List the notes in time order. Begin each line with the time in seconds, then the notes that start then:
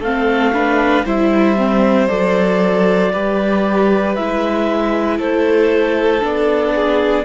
0.00 A3 C4 A4 F5
0.54 D4 B4
1.06 G3 E4 C5 E5
1.57 C4
2.08 F#3 A4 D5
3.13 G3 G4 B4
4.15 G#3 E4 E5
5.19 A3 A4 C5
6.21 B3 D4 D5
6.76 G#4